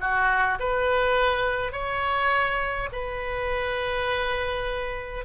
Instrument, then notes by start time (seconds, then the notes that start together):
oboe
0.00 F#4
0.59 B4
1.72 C#5
2.92 B4